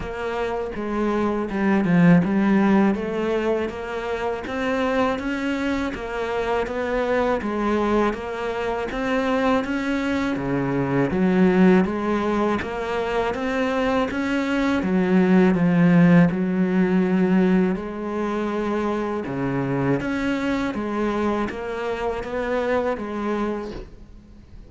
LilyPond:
\new Staff \with { instrumentName = "cello" } { \time 4/4 \tempo 4 = 81 ais4 gis4 g8 f8 g4 | a4 ais4 c'4 cis'4 | ais4 b4 gis4 ais4 | c'4 cis'4 cis4 fis4 |
gis4 ais4 c'4 cis'4 | fis4 f4 fis2 | gis2 cis4 cis'4 | gis4 ais4 b4 gis4 | }